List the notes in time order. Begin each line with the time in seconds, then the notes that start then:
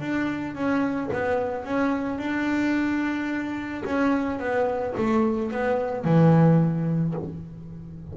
0.00 D4
0.55 C#4
1.13 B3
1.65 C#4
2.19 D4
3.85 C#4
4.39 B3
4.97 A3
5.51 B3
6.05 E3